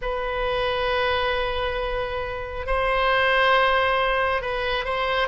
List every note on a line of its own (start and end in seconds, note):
0.01 2.66 B4
2.66 4.41 C5
4.41 4.84 B4
4.84 5.28 C5